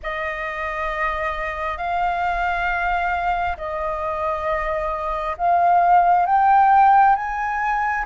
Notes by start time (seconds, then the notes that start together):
0.02 D#5
1.77 F5
3.57 D#5
5.37 F5
6.26 G5
7.15 G#5